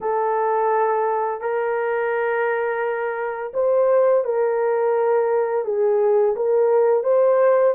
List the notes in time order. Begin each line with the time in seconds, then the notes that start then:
0.00 A4
1.40 A#4
3.53 C5
4.24 A#4
5.64 G#4
6.36 A#4
7.03 C5